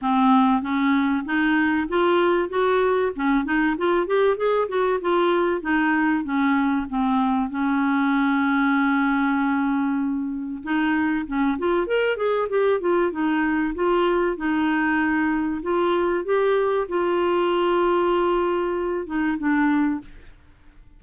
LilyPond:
\new Staff \with { instrumentName = "clarinet" } { \time 4/4 \tempo 4 = 96 c'4 cis'4 dis'4 f'4 | fis'4 cis'8 dis'8 f'8 g'8 gis'8 fis'8 | f'4 dis'4 cis'4 c'4 | cis'1~ |
cis'4 dis'4 cis'8 f'8 ais'8 gis'8 | g'8 f'8 dis'4 f'4 dis'4~ | dis'4 f'4 g'4 f'4~ | f'2~ f'8 dis'8 d'4 | }